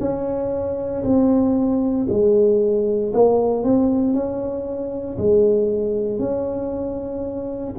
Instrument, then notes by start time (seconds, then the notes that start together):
tuba
0.00 C#4
1.03 C4
2.09 G#3
3.13 A#3
3.63 C4
4.14 C#4
5.18 G#3
6.19 C#4